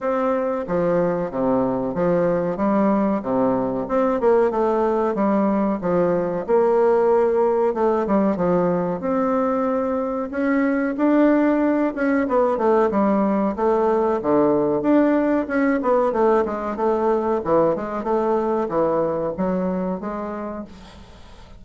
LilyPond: \new Staff \with { instrumentName = "bassoon" } { \time 4/4 \tempo 4 = 93 c'4 f4 c4 f4 | g4 c4 c'8 ais8 a4 | g4 f4 ais2 | a8 g8 f4 c'2 |
cis'4 d'4. cis'8 b8 a8 | g4 a4 d4 d'4 | cis'8 b8 a8 gis8 a4 e8 gis8 | a4 e4 fis4 gis4 | }